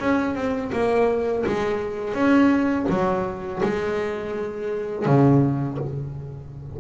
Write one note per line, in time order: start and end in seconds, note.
0.00 0.35 C#4
0.35 0.71 C4
0.72 1.45 A#3
1.47 2.14 G#3
2.14 2.86 C#4
2.89 3.61 F#3
3.63 5.06 G#3
5.06 5.78 C#3